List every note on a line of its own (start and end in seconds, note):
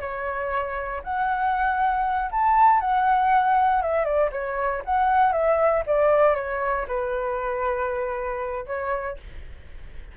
0.00 1.02 C#5
1.03 2.30 F#5
2.31 2.80 A5
2.80 3.82 F#5
3.82 4.04 E5
4.04 4.30 D5
4.32 4.82 C#5
4.85 5.32 F#5
5.32 5.83 E5
5.86 6.35 D5
6.35 6.86 C#5
6.88 8.66 B4
8.66 9.17 C#5